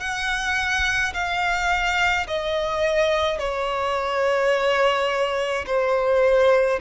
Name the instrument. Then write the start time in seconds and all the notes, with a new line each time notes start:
violin
0.00 F#5
1.14 F5
2.27 D#5
3.39 C#5
5.67 C5